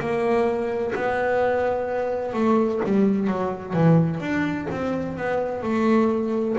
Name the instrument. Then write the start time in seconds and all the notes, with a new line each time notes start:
double bass
0.00 A#3
0.95 B3
2.34 A3
2.85 G3
3.28 F#3
3.74 E3
4.20 D4
4.71 C4
5.17 B3
5.63 A3